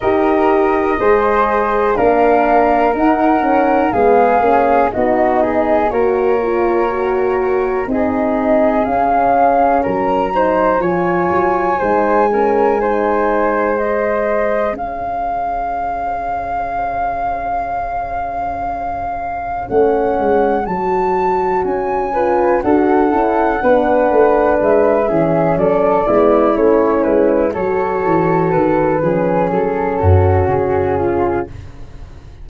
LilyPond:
<<
  \new Staff \with { instrumentName = "flute" } { \time 4/4 \tempo 4 = 61 dis''2 f''4 fis''4 | f''4 dis''4 cis''2 | dis''4 f''4 ais''4 gis''4~ | gis''2 dis''4 f''4~ |
f''1 | fis''4 a''4 gis''4 fis''4~ | fis''4 e''4 d''4 cis''8 b'8 | cis''4 b'4 a'4 gis'4 | }
  \new Staff \with { instrumentName = "flute" } { \time 4/4 ais'4 c''4 ais'2 | gis'4 fis'8 gis'8 ais'2 | gis'2 ais'8 c''8 cis''4 | c''8 ais'8 c''2 cis''4~ |
cis''1~ | cis''2~ cis''8 b'8 a'4 | b'4. gis'8 a'8 e'4. | a'4. gis'4 fis'4 f'8 | }
  \new Staff \with { instrumentName = "horn" } { \time 4/4 g'4 gis'4 d'4 dis'8 cis'8 | b8 cis'8 dis'4 fis'8 f'8 fis'4 | dis'4 cis'4. dis'8 f'4 | dis'8 cis'8 dis'4 gis'2~ |
gis'1 | cis'4 fis'4. f'8 fis'8 e'8 | d'4. cis'4 b8 cis'4 | fis'4. cis'2~ cis'8 | }
  \new Staff \with { instrumentName = "tuba" } { \time 4/4 dis'4 gis4 ais4 dis'4 | gis8 ais8 b4 ais2 | c'4 cis'4 fis4 f8 fis8 | gis2. cis'4~ |
cis'1 | a8 gis8 fis4 cis'4 d'8 cis'8 | b8 a8 gis8 e8 fis8 gis8 a8 gis8 | fis8 e8 dis8 f8 fis8 fis,8 cis4 | }
>>